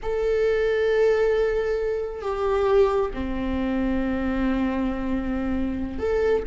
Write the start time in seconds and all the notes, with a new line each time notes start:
0.02 A4
2.21 G4
3.13 C4
5.98 A4